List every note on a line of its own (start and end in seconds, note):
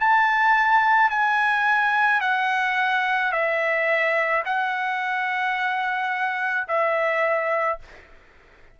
0.00 1.10 A5
1.10 2.21 G#5
2.21 3.32 F#5
3.32 4.43 E5
4.45 6.67 F#5
6.68 7.79 E5